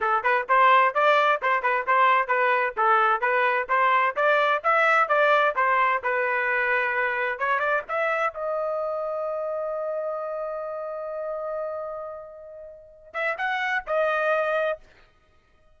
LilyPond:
\new Staff \with { instrumentName = "trumpet" } { \time 4/4 \tempo 4 = 130 a'8 b'8 c''4 d''4 c''8 b'8 | c''4 b'4 a'4 b'4 | c''4 d''4 e''4 d''4 | c''4 b'2. |
cis''8 d''8 e''4 dis''2~ | dis''1~ | dis''1~ | dis''8 e''8 fis''4 dis''2 | }